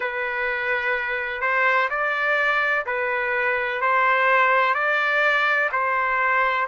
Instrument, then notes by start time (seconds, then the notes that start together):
trumpet
0.00 B4
1.41 C5
1.90 D5
2.86 B4
3.81 C5
4.74 D5
5.71 C5